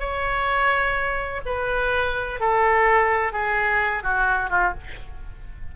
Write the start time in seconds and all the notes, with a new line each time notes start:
0.00 C#5
1.46 B4
2.41 A4
3.33 G#4
4.04 F#4
4.50 F4